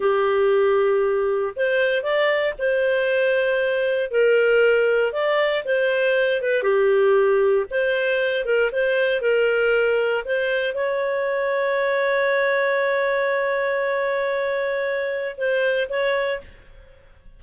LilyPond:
\new Staff \with { instrumentName = "clarinet" } { \time 4/4 \tempo 4 = 117 g'2. c''4 | d''4 c''2. | ais'2 d''4 c''4~ | c''8 b'8 g'2 c''4~ |
c''8 ais'8 c''4 ais'2 | c''4 cis''2.~ | cis''1~ | cis''2 c''4 cis''4 | }